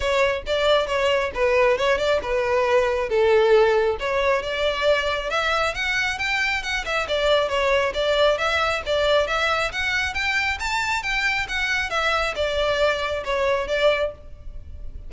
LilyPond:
\new Staff \with { instrumentName = "violin" } { \time 4/4 \tempo 4 = 136 cis''4 d''4 cis''4 b'4 | cis''8 d''8 b'2 a'4~ | a'4 cis''4 d''2 | e''4 fis''4 g''4 fis''8 e''8 |
d''4 cis''4 d''4 e''4 | d''4 e''4 fis''4 g''4 | a''4 g''4 fis''4 e''4 | d''2 cis''4 d''4 | }